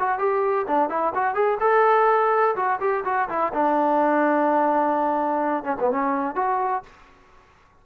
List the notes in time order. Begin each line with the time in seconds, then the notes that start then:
0.00 F#4
0.19 G4
0.68 D4
0.90 E4
1.15 F#4
1.35 G#4
1.61 A4
2.56 F#4
2.81 G4
3.05 F#4
3.29 E4
3.54 D4
5.64 C#4
5.80 B3
5.91 C#4
6.36 F#4